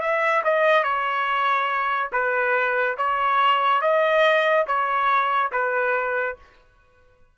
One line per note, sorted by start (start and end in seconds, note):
0.00 0.42 E5
0.44 0.83 D#5
0.83 2.10 C#5
2.12 2.96 B4
2.97 3.81 C#5
3.81 4.66 D#5
4.67 5.51 C#5
5.51 6.36 B4